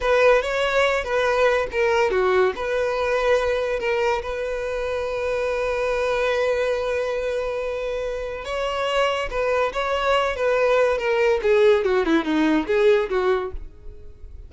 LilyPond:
\new Staff \with { instrumentName = "violin" } { \time 4/4 \tempo 4 = 142 b'4 cis''4. b'4. | ais'4 fis'4 b'2~ | b'4 ais'4 b'2~ | b'1~ |
b'1 | cis''2 b'4 cis''4~ | cis''8 b'4. ais'4 gis'4 | fis'8 e'8 dis'4 gis'4 fis'4 | }